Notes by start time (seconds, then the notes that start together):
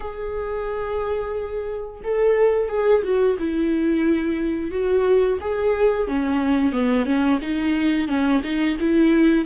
0.00 G#4
2.04 A4
2.68 G#4
3.03 F#4
3.39 E4
4.71 F#4
5.41 G#4
6.07 C#4
6.72 B3
7.05 C#4
7.41 D#4
8.07 C#4
8.43 D#4
8.80 E4